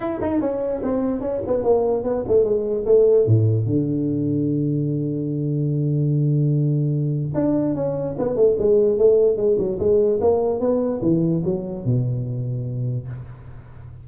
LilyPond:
\new Staff \with { instrumentName = "tuba" } { \time 4/4 \tempo 4 = 147 e'8 dis'8 cis'4 c'4 cis'8 b8 | ais4 b8 a8 gis4 a4 | a,4 d2.~ | d1~ |
d2 d'4 cis'4 | b8 a8 gis4 a4 gis8 fis8 | gis4 ais4 b4 e4 | fis4 b,2. | }